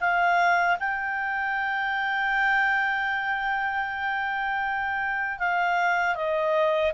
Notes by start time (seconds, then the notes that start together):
0.00 F5
0.79 G5
5.38 F5
6.15 D#5